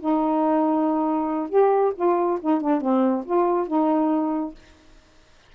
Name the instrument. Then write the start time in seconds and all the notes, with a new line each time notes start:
saxophone
0.00 D#4
1.50 G4
1.96 F4
2.41 D#4
2.61 D4
2.81 C4
3.25 F4
3.68 D#4